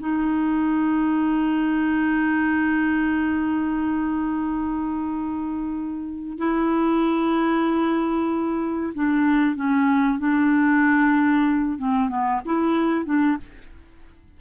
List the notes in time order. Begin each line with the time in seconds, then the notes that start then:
0.00 D#4
6.38 E4
8.94 D4
9.56 C#4
10.19 D4
11.79 C4
12.09 B3
12.46 E4
13.06 D4